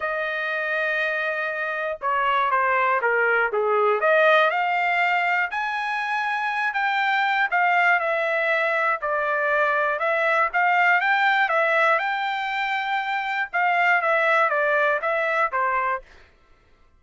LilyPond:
\new Staff \with { instrumentName = "trumpet" } { \time 4/4 \tempo 4 = 120 dis''1 | cis''4 c''4 ais'4 gis'4 | dis''4 f''2 gis''4~ | gis''4. g''4. f''4 |
e''2 d''2 | e''4 f''4 g''4 e''4 | g''2. f''4 | e''4 d''4 e''4 c''4 | }